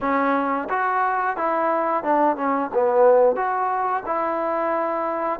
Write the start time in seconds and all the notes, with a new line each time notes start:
0.00 C#4
0.69 F#4
1.36 E4
2.03 D4
2.36 C#4
2.74 B3
3.36 F#4
4.06 E4